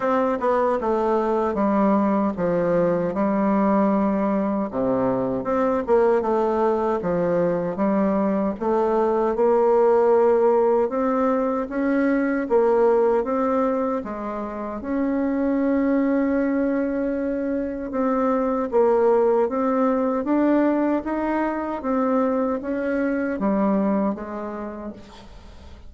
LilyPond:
\new Staff \with { instrumentName = "bassoon" } { \time 4/4 \tempo 4 = 77 c'8 b8 a4 g4 f4 | g2 c4 c'8 ais8 | a4 f4 g4 a4 | ais2 c'4 cis'4 |
ais4 c'4 gis4 cis'4~ | cis'2. c'4 | ais4 c'4 d'4 dis'4 | c'4 cis'4 g4 gis4 | }